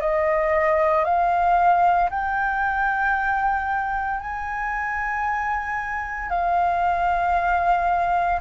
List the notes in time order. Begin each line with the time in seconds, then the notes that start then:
0.00 D#5
1.04 F5
2.10 G5
4.20 G#5
6.29 F5